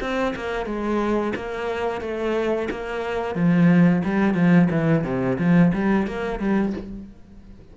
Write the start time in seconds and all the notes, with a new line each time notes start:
0.00 C4
0.35 A#3
0.66 G#3
1.35 A#3
2.01 A3
2.70 A#3
3.35 F3
4.04 G3
4.34 F3
4.70 E3
5.03 C3
5.38 F3
5.73 G3
6.06 A#3
6.39 G3